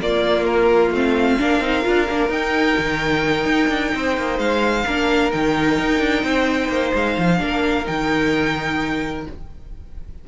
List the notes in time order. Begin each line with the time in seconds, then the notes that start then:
0.00 A#3 F4 D5
0.44 A#4
0.90 A3 C4 F5
1.38 A#3 D4 A#4
1.59 C4 D#4
1.82 D4 F4
2.08 A#3 D4
2.28 D#4 G5
2.78 D#3
3.45 D#4
3.68 D4
3.94 C4 C5
4.16 A#3
4.38 G#3 F5
4.85 A#3 D4 A#4
5.31 D#3 D#4 G5
5.78 D#4
5.99 D4
6.22 C4 C5
6.68 A#3
6.94 G#3 F5
7.17 F3
7.37 A#3 D4 A#4
7.85 D#3 D#4 G5